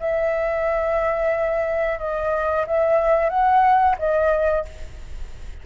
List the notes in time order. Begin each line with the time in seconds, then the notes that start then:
0.00 E5
1.99 D#5
2.67 E5
3.29 F#5
3.98 D#5